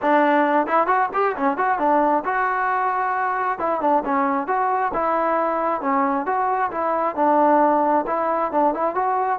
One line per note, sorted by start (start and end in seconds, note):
0.02 0.67 D4
0.67 0.86 E4
0.86 1.09 F#4
1.13 1.36 G4
1.36 1.57 C#4
1.57 1.78 F#4
1.78 2.23 D4
2.24 3.58 F#4
3.58 3.81 E4
3.81 4.03 D4
4.04 4.47 C#4
4.47 4.91 F#4
4.93 5.81 E4
5.81 6.26 C#4
6.26 6.70 F#4
6.71 7.15 E4
7.15 8.05 D4
8.06 8.51 E4
8.51 8.74 D4
8.74 8.95 E4
8.95 9.39 F#4